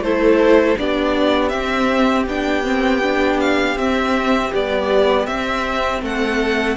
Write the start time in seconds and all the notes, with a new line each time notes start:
0.00 A3 E4 A4 C5
0.77 B3 D4 G4 D5
1.49 C4 E5
2.26 B3 D4 G5
2.63 C4
3.02 D4
3.40 F5
3.75 C4 E5
4.52 G3 B3 D5
5.26 C4 E5
6.02 A3 A4 F#5